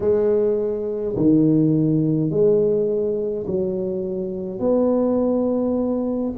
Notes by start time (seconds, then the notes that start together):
0.00 G#3
1.16 D#3
2.30 G#3
3.46 F#3
4.59 B3